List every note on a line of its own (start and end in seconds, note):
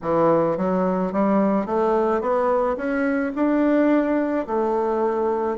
0.02 0.57 E3
0.57 1.12 F#3
1.12 1.66 G3
1.66 2.21 A3
2.21 2.76 B3
2.76 3.32 C#4
3.35 4.46 D4
4.46 5.57 A3